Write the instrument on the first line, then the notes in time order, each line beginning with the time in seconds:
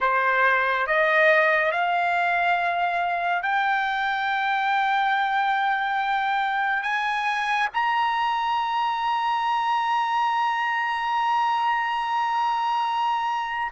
trumpet
0.00 C5
0.86 D#5
1.71 F5
3.42 G5
6.82 G#5
7.73 A#5